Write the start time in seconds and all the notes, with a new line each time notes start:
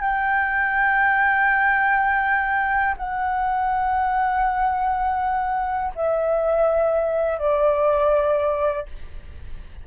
0.00 G5
2.97 F#5
5.96 E5
7.39 D5